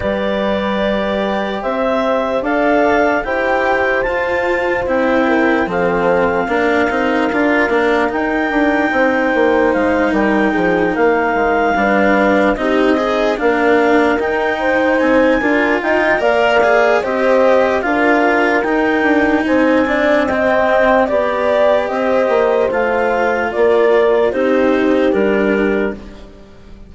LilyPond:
<<
  \new Staff \with { instrumentName = "clarinet" } { \time 4/4 \tempo 4 = 74 d''2 e''4 f''4 | g''4 a''4 g''4 f''4~ | f''2 g''2 | f''8 g''4 f''2 dis''8~ |
dis''8 f''4 g''4 gis''4 g''8 | f''4 dis''4 f''4 g''4 | gis''4 g''4 d''4 dis''4 | f''4 d''4 c''4 ais'4 | }
  \new Staff \with { instrumentName = "horn" } { \time 4/4 b'2 c''4 d''4 | c''2~ c''8 ais'8 a'4 | ais'2. c''4~ | c''8 ais'8 gis'8 ais'4 b'4 g'8 |
dis'8 ais'4. c''4 ais'8 dis''8 | d''4 c''4 ais'2 | c''8 d''8 dis''4 d''4 c''4~ | c''4 ais'4 g'2 | }
  \new Staff \with { instrumentName = "cello" } { \time 4/4 g'2. a'4 | g'4 f'4 e'4 c'4 | d'8 dis'8 f'8 d'8 dis'2~ | dis'2~ dis'8 d'4 dis'8 |
gis'8 d'4 dis'4. f'4 | ais'8 gis'8 g'4 f'4 dis'4~ | dis'8 d'8 c'4 g'2 | f'2 dis'4 d'4 | }
  \new Staff \with { instrumentName = "bassoon" } { \time 4/4 g2 c'4 d'4 | e'4 f'4 c'4 f4 | ais8 c'8 d'8 ais8 dis'8 d'8 c'8 ais8 | gis8 g8 f8 ais8 gis8 g4 c'8~ |
c'8 ais4 dis'4 c'8 d'8 dis'8 | ais4 c'4 d'4 dis'8 d'8 | c'2 b4 c'8 ais8 | a4 ais4 c'4 g4 | }
>>